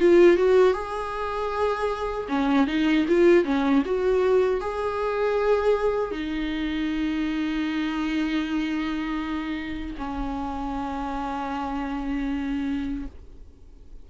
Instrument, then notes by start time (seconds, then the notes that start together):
viola
0.00 F4
0.37 F#4
0.73 G#4
2.28 C#4
2.67 D#4
3.08 F4
3.44 C#4
3.85 F#4
4.61 G#4
6.11 D#4
9.98 C#4